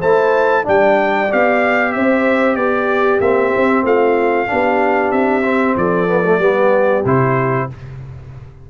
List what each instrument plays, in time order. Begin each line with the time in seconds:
0.00 tuba A3, trombone E4, horn C5, trumpet A5
0.64 tuba G3, trombone D4, horn D5, trumpet G5
1.31 tuba B3, trombone G4, trumpet F5
1.93 tuba C4, horn C5, trumpet E5
2.56 tuba B3, horn G4, trumpet D5
3.21 tuba A#3, trombone C4, trumpet E5
3.57 tuba C4
3.84 tuba A3, horn F4, trumpet F5
4.47 tuba B3, trombone D4, horn G4
5.12 tuba C4, trumpet E5
5.45 trombone C4
5.77 tuba F3, horn A4, trumpet D5
6.08 trombone B3
6.26 trombone A3
6.39 tuba G3, trombone B3, horn G4
7.06 tuba C3, trombone E4, trumpet C5